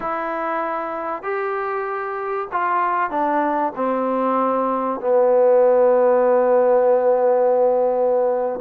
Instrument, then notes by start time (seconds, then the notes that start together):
trombone
0.00 E4
1.22 G4
2.51 F4
3.10 D4
3.75 C4
5.00 B3